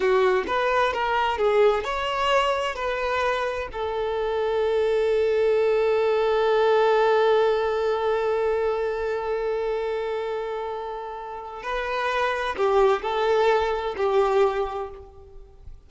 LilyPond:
\new Staff \with { instrumentName = "violin" } { \time 4/4 \tempo 4 = 129 fis'4 b'4 ais'4 gis'4 | cis''2 b'2 | a'1~ | a'1~ |
a'1~ | a'1~ | a'4 b'2 g'4 | a'2 g'2 | }